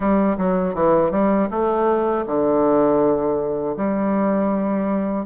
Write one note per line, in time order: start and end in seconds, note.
0.00 0.36 G3
0.37 0.74 F#3
0.74 1.11 E3
1.11 1.48 G3
1.50 2.25 A3
2.26 3.76 D3
3.76 5.25 G3